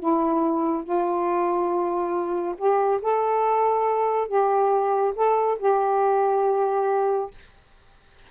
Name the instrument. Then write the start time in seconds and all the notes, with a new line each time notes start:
saxophone
0.00 E4
0.84 F4
2.58 G4
3.02 A4
4.28 G4
5.16 A4
5.60 G4